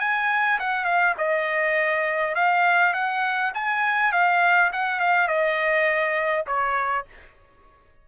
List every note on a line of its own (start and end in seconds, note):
0.00 0.59 G#5
0.60 0.85 F#5
0.85 1.14 F5
1.18 2.35 D#5
2.35 2.94 F5
2.94 3.52 F#5
3.55 4.13 G#5
4.13 4.71 F5
4.73 5.00 F#5
5.00 5.28 F5
5.28 6.45 D#5
6.47 7.05 C#5